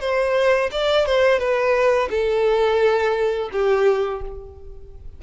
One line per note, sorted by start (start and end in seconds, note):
0.00 0.70 C5
0.71 1.06 D5
1.06 1.39 C5
1.39 2.09 B4
2.10 3.50 A4
3.52 4.22 G4